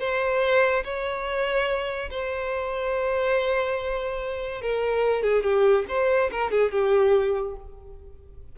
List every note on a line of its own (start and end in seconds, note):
0.00 0.84 C5
0.84 2.10 C#5
2.11 4.62 C5
4.62 5.23 A#4
5.23 5.44 G#4
5.44 5.86 G4
5.89 6.31 C5
6.32 6.51 A#4
6.51 6.72 G#4
6.72 7.56 G4